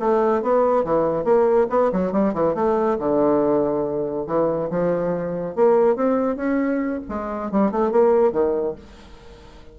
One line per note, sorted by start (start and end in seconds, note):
0.00 0.43 A3
0.43 0.85 B3
0.85 1.24 E3
1.24 1.67 A#3
1.70 1.92 B3
1.93 2.13 F#3
2.13 2.34 G3
2.34 2.55 E3
2.55 2.98 A3
3.00 4.27 D3
4.27 4.70 E3
4.71 5.56 F3
5.56 5.96 A#3
5.96 6.37 C4
6.37 7.01 C#4
7.09 7.52 G#3
7.52 7.72 G3
7.72 7.92 A3
7.92 8.33 A#3
8.33 8.76 D#3